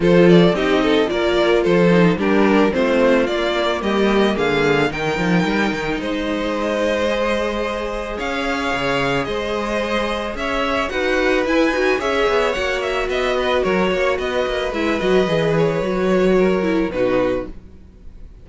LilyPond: <<
  \new Staff \with { instrumentName = "violin" } { \time 4/4 \tempo 4 = 110 c''8 d''8 dis''4 d''4 c''4 | ais'4 c''4 d''4 dis''4 | f''4 g''2 dis''4~ | dis''2. f''4~ |
f''4 dis''2 e''4 | fis''4 gis''4 e''4 fis''8 e''8 | dis''4 cis''4 dis''4 e''8 dis''8~ | dis''8 cis''2~ cis''8 b'4 | }
  \new Staff \with { instrumentName = "violin" } { \time 4/4 a'4 g'8 a'8 ais'4 a'4 | g'4 f'2 g'4 | gis'4 ais'2 c''4~ | c''2. cis''4~ |
cis''4 c''2 cis''4 | b'2 cis''2 | e''8 b'8 ais'8 cis''8 b'2~ | b'2 ais'4 fis'4 | }
  \new Staff \with { instrumentName = "viola" } { \time 4/4 f'4 dis'4 f'4. dis'8 | d'4 c'4 ais2~ | ais4 dis'2.~ | dis'4 gis'2.~ |
gis'1 | fis'4 e'8 fis'8 gis'4 fis'4~ | fis'2. e'8 fis'8 | gis'4 fis'4. e'8 dis'4 | }
  \new Staff \with { instrumentName = "cello" } { \time 4/4 f4 c'4 ais4 f4 | g4 a4 ais4 g4 | d4 dis8 f8 g8 dis8 gis4~ | gis2. cis'4 |
cis4 gis2 cis'4 | dis'4 e'8 dis'8 cis'8 b8 ais4 | b4 fis8 ais8 b8 ais8 gis8 fis8 | e4 fis2 b,4 | }
>>